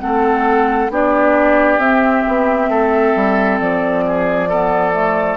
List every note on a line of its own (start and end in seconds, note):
0.00 0.89 A3
0.00 0.90 C4
0.00 0.92 A4
0.00 0.90 F#5
0.89 1.78 B3
0.89 1.80 D4
0.89 2.70 G4
0.89 1.80 D5
1.78 2.22 C4
1.78 4.49 C4
1.78 3.59 E5
2.27 2.69 B3
2.69 3.13 A3
2.69 4.05 A4
3.15 3.60 G3
3.59 5.37 F3
3.59 5.37 D5
4.06 4.49 G#4
4.49 4.93 B3
4.49 5.37 A4
4.93 5.37 A3